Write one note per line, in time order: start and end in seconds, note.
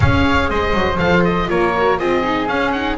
0.00 0.49 C#4
0.00 0.98 G#4
0.00 0.49 C#5
0.00 0.49 F5
0.49 0.74 G#3
0.49 1.48 C5
0.49 0.98 D#5
0.74 0.99 F#3
0.98 1.49 F3
0.98 1.46 A4
0.98 1.23 F5
1.24 1.49 D#5
1.46 1.99 A#3
1.46 1.71 F4
1.46 1.98 A#4
1.46 1.98 C#5
1.77 1.98 F#4
1.98 2.48 C4
1.98 2.23 F4
1.98 2.98 G#4
1.98 2.48 D#5
2.23 2.48 D#4
2.48 2.97 C#4
2.48 2.74 C#4
2.48 2.71 F5
2.71 2.98 D#4
2.71 2.96 F#5